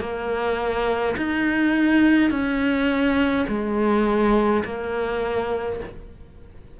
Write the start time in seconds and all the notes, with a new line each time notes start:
0.00 A#3
1.16 D#4
2.30 C#4
3.48 G#3
4.65 A#3